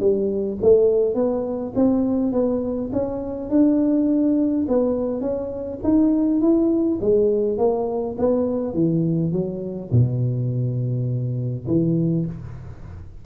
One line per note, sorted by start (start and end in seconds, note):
0.00 0.58 G3
0.62 1.15 A3
1.15 1.73 B3
1.76 2.32 C4
2.32 2.91 B3
2.93 3.50 C#4
3.50 4.66 D4
4.68 5.21 B3
5.21 5.79 C#4
5.83 6.41 D#4
6.41 6.99 E4
7.01 7.58 G#3
7.58 8.16 A#3
8.18 8.74 B3
8.74 9.32 E3
9.32 9.91 F#3
9.91 11.66 B2
11.67 12.25 E3